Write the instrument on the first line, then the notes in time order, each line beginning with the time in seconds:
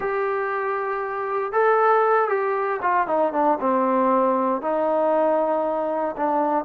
trombone
0.00 G4
1.52 A4
2.28 G4
2.82 F4
3.07 D#4
3.32 D4
3.60 C4
4.61 D#4
6.17 D4